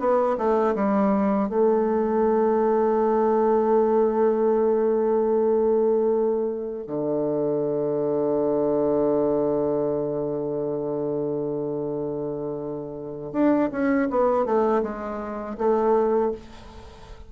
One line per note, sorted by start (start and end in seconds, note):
0.00 0.37 B3
0.38 0.75 A3
0.76 1.49 G3
1.49 6.87 A3
6.88 13.33 D3
13.33 13.70 D4
13.72 14.09 C#4
14.10 14.46 B3
14.46 14.83 A3
14.83 15.57 G#3
15.58 16.32 A3